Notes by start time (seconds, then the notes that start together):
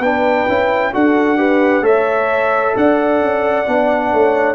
0.00 B3 D4 B4 G5
0.48 C#4 E4
0.93 D4 F#4 A4 F#5
1.37 G4 B4
1.82 A3 A4 C#5 E5
2.75 D4 D5 F#5
3.21 C#4
3.68 B3 D4
4.11 A3 C#5